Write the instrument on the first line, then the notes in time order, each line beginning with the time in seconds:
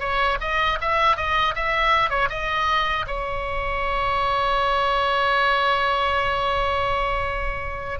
oboe
0.00 C#5
0.41 D#5
0.81 E5
1.17 D#5
1.55 E5
2.10 C#5
2.30 D#5
3.07 C#5